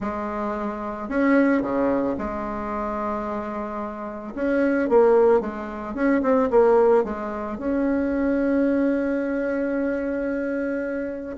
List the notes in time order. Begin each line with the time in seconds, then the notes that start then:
0.00 G#3
1.08 C#4
1.62 C#3
2.18 G#3
4.35 C#4
4.89 A#3
5.40 G#3
5.94 C#4
6.22 C4
6.50 A#3
7.03 G#3
7.58 C#4